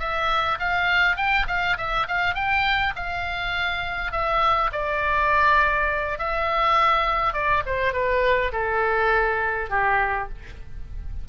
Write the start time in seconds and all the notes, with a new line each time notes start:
0.00 E5
0.60 F5
1.17 G5
1.48 F5
1.78 E5
2.08 F5
2.35 G5
2.96 F5
4.12 E5
4.73 D5
6.19 E5
7.34 D5
7.66 C5
7.93 B4
8.53 A4
9.70 G4